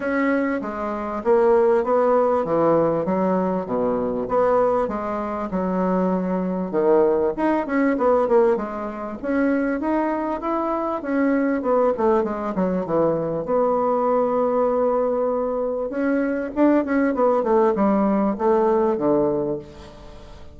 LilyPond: \new Staff \with { instrumentName = "bassoon" } { \time 4/4 \tempo 4 = 98 cis'4 gis4 ais4 b4 | e4 fis4 b,4 b4 | gis4 fis2 dis4 | dis'8 cis'8 b8 ais8 gis4 cis'4 |
dis'4 e'4 cis'4 b8 a8 | gis8 fis8 e4 b2~ | b2 cis'4 d'8 cis'8 | b8 a8 g4 a4 d4 | }